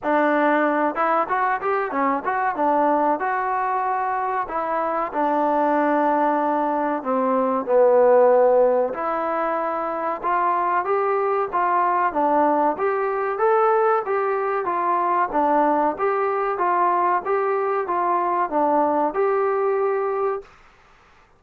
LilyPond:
\new Staff \with { instrumentName = "trombone" } { \time 4/4 \tempo 4 = 94 d'4. e'8 fis'8 g'8 cis'8 fis'8 | d'4 fis'2 e'4 | d'2. c'4 | b2 e'2 |
f'4 g'4 f'4 d'4 | g'4 a'4 g'4 f'4 | d'4 g'4 f'4 g'4 | f'4 d'4 g'2 | }